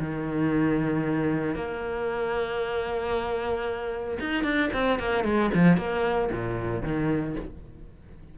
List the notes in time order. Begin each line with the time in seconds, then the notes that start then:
0.00 D#3
1.55 A#3
4.20 D#4
4.44 D4
4.74 C4
4.99 A#3
5.24 G#3
5.54 F3
5.78 A#3
6.32 A#2
6.83 D#3